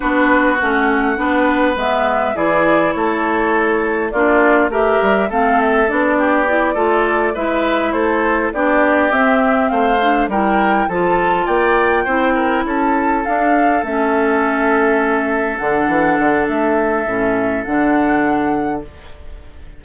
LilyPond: <<
  \new Staff \with { instrumentName = "flute" } { \time 4/4 \tempo 4 = 102 b'4 fis''2 e''4 | d''4 cis''2 d''4 | e''4 f''8 e''8 d''2~ | d''8 e''4 c''4 d''4 e''8~ |
e''8 f''4 g''4 a''4 g''8~ | g''4. a''4 f''4 e''8~ | e''2~ e''8 fis''4. | e''2 fis''2 | }
  \new Staff \with { instrumentName = "oboe" } { \time 4/4 fis'2 b'2 | gis'4 a'2 f'4 | ais'4 a'4. g'4 a'8~ | a'8 b'4 a'4 g'4.~ |
g'8 c''4 ais'4 a'4 d''8~ | d''8 c''8 ais'8 a'2~ a'8~ | a'1~ | a'1 | }
  \new Staff \with { instrumentName = "clarinet" } { \time 4/4 d'4 cis'4 d'4 b4 | e'2. d'4 | g'4 c'4 d'4 e'8 f'8~ | f'8 e'2 d'4 c'8~ |
c'4 d'8 e'4 f'4.~ | f'8 e'2 d'4 cis'8~ | cis'2~ cis'8 d'4.~ | d'4 cis'4 d'2 | }
  \new Staff \with { instrumentName = "bassoon" } { \time 4/4 b4 a4 b4 gis4 | e4 a2 ais4 | a8 g8 a4 b4. a8~ | a8 gis4 a4 b4 c'8~ |
c'8 a4 g4 f4 ais8~ | ais8 c'4 cis'4 d'4 a8~ | a2~ a8 d8 e8 d8 | a4 a,4 d2 | }
>>